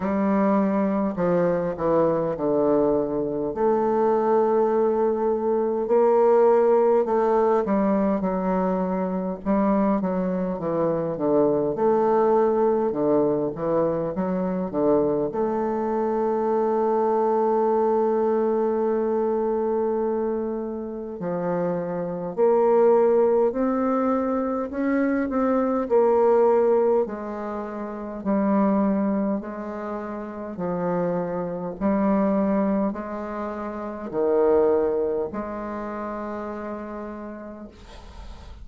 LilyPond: \new Staff \with { instrumentName = "bassoon" } { \time 4/4 \tempo 4 = 51 g4 f8 e8 d4 a4~ | a4 ais4 a8 g8 fis4 | g8 fis8 e8 d8 a4 d8 e8 | fis8 d8 a2.~ |
a2 f4 ais4 | c'4 cis'8 c'8 ais4 gis4 | g4 gis4 f4 g4 | gis4 dis4 gis2 | }